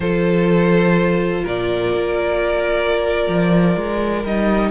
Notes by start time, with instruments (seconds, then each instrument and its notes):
0.00 cello F3, viola F4, violin A4 C5
1.43 cello A#2, violin A#4 D5
1.94 cello A#3
3.28 cello F3
3.76 cello G#3
4.24 cello G3, viola D#4, violin D#5